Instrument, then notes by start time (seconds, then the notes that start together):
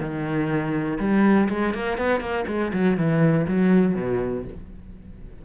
cello
0.00 D#3
0.99 G3
1.49 G#3
1.74 A#3
1.98 B3
2.20 A#3
2.47 G#3
2.73 F#3
2.97 E3
3.47 F#3
3.95 B2